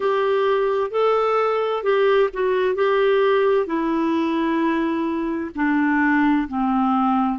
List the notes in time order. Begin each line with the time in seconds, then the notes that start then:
0.00 G4
0.91 A4
1.83 G4
2.33 F#4
2.74 G4
3.66 E4
5.55 D4
6.48 C4